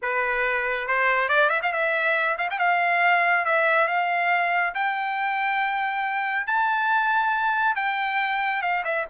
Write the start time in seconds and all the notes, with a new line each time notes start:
0.02 B4
0.87 C5
1.28 D5
1.49 E5
1.62 F5
1.72 E5
2.37 F5
2.50 G5
2.58 F5
3.45 E5
3.87 F5
4.74 G5
6.46 A5
7.75 G5
8.62 F5
8.84 E5